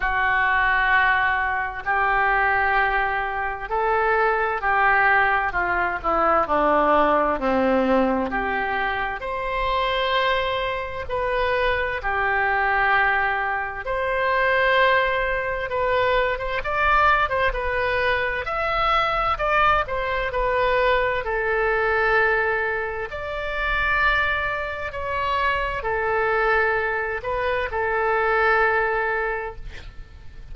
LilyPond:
\new Staff \with { instrumentName = "oboe" } { \time 4/4 \tempo 4 = 65 fis'2 g'2 | a'4 g'4 f'8 e'8 d'4 | c'4 g'4 c''2 | b'4 g'2 c''4~ |
c''4 b'8. c''16 d''8. c''16 b'4 | e''4 d''8 c''8 b'4 a'4~ | a'4 d''2 cis''4 | a'4. b'8 a'2 | }